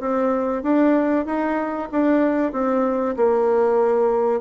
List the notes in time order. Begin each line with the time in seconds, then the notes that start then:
0.00 C4
0.63 D4
1.26 D#4
1.92 D4
2.53 C4
3.16 A#3